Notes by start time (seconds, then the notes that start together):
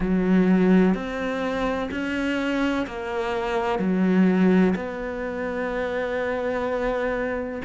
0.00 F#3
0.94 C4
1.91 C#4
2.87 A#3
3.78 F#3
4.75 B3